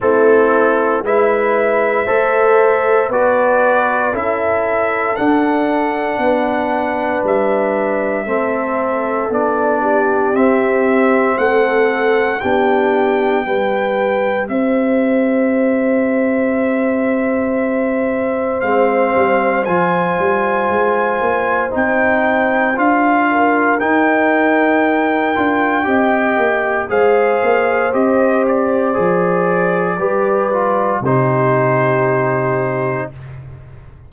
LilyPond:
<<
  \new Staff \with { instrumentName = "trumpet" } { \time 4/4 \tempo 4 = 58 a'4 e''2 d''4 | e''4 fis''2 e''4~ | e''4 d''4 e''4 fis''4 | g''2 e''2~ |
e''2 f''4 gis''4~ | gis''4 g''4 f''4 g''4~ | g''2 f''4 dis''8 d''8~ | d''2 c''2 | }
  \new Staff \with { instrumentName = "horn" } { \time 4/4 e'4 b'4 c''4 b'4 | a'2 b'2 | a'4. g'4. a'4 | g'4 b'4 c''2~ |
c''1~ | c''2~ c''8 ais'4.~ | ais'4 dis''4 c''2~ | c''4 b'4 g'2 | }
  \new Staff \with { instrumentName = "trombone" } { \time 4/4 c'4 e'4 a'4 fis'4 | e'4 d'2. | c'4 d'4 c'2 | d'4 g'2.~ |
g'2 c'4 f'4~ | f'4 dis'4 f'4 dis'4~ | dis'8 f'8 g'4 gis'4 g'4 | gis'4 g'8 f'8 dis'2 | }
  \new Staff \with { instrumentName = "tuba" } { \time 4/4 a4 gis4 a4 b4 | cis'4 d'4 b4 g4 | a4 b4 c'4 a4 | b4 g4 c'2~ |
c'2 gis8 g8 f8 g8 | gis8 ais8 c'4 d'4 dis'4~ | dis'8 d'8 c'8 ais8 gis8 ais8 c'4 | f4 g4 c2 | }
>>